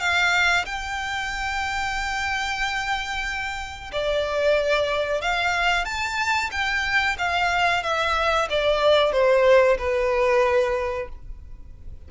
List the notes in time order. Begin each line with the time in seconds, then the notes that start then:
0.00 F5
0.66 G5
3.92 D5
5.22 F5
5.85 A5
6.52 G5
7.19 F5
7.83 E5
8.50 D5
9.12 C5
9.78 B4